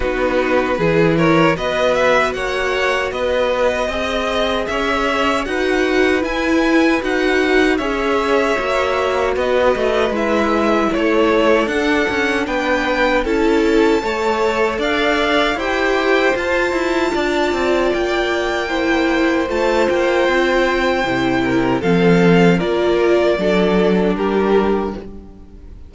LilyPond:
<<
  \new Staff \with { instrumentName = "violin" } { \time 4/4 \tempo 4 = 77 b'4. cis''8 dis''8 e''8 fis''4 | dis''2 e''4 fis''4 | gis''4 fis''4 e''2 | dis''4 e''4 cis''4 fis''4 |
g''4 a''2 f''4 | g''4 a''2 g''4~ | g''4 a''8 g''2~ g''8 | f''4 d''2 ais'4 | }
  \new Staff \with { instrumentName = "violin" } { \time 4/4 fis'4 gis'8 ais'8 b'4 cis''4 | b'4 dis''4 cis''4 b'4~ | b'2 cis''2 | b'2 a'2 |
b'4 a'4 cis''4 d''4 | c''2 d''2 | c''2.~ c''8 ais'8 | a'4 ais'4 a'4 g'4 | }
  \new Staff \with { instrumentName = "viola" } { \time 4/4 dis'4 e'4 fis'2~ | fis'4 gis'2 fis'4 | e'4 fis'4 gis'4 fis'4~ | fis'4 e'2 d'4~ |
d'4 e'4 a'2 | g'4 f'2. | e'4 f'2 e'4 | c'4 f'4 d'2 | }
  \new Staff \with { instrumentName = "cello" } { \time 4/4 b4 e4 b4 ais4 | b4 c'4 cis'4 dis'4 | e'4 dis'4 cis'4 ais4 | b8 a8 gis4 a4 d'8 cis'8 |
b4 cis'4 a4 d'4 | e'4 f'8 e'8 d'8 c'8 ais4~ | ais4 a8 ais8 c'4 c4 | f4 ais4 fis4 g4 | }
>>